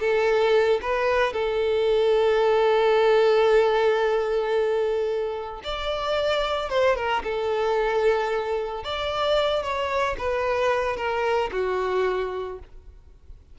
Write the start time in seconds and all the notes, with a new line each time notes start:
0.00 A4
0.82 B4
1.33 A4
5.64 D5
6.70 C5
6.96 A#4
7.24 A4
8.84 D5
9.63 C#5
10.19 B4
10.97 A#4
11.52 F#4